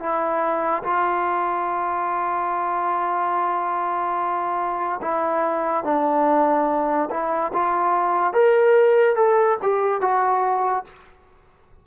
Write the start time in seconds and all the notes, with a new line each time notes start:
0.00 E4
0.84 F4
5.02 E4
5.84 D4
7.11 E4
7.54 F4
8.34 A#4
9.16 A4
9.63 G4
10.02 F#4